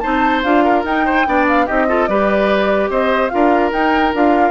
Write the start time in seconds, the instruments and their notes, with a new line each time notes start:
0.00 bassoon C4, clarinet D#4, oboe C5, flute A5
0.43 bassoon D4, clarinet F4, flute F5
0.64 oboe A#4
0.84 bassoon D#4, clarinet D#4, flute G5
1.06 oboe C5
1.26 bassoon B3, clarinet D4, oboe D5
1.48 flute F5
1.66 bassoon C4, clarinet D#4, oboe G4, flute D#5
1.88 clarinet F4, oboe A4
2.07 bassoon G3, clarinet G4, oboe B4, flute D5
2.90 bassoon C4, oboe C5, flute D#5
3.29 bassoon D4, clarinet F4, oboe A#4, flute F5
3.72 bassoon D#4, clarinet D#4, flute G5
4.14 bassoon D4, clarinet F4, flute F5